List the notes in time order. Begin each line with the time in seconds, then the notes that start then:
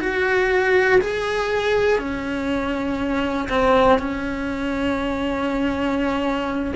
0.00 F#4
1.01 G#4
1.99 C#4
3.49 C4
3.99 C#4